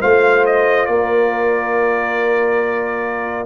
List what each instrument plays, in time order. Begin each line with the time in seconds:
0.00 tuba A3, trombone F4, horn C5, trumpet F5
0.46 trumpet D#5
0.86 tuba A#3, horn A#4, trumpet D5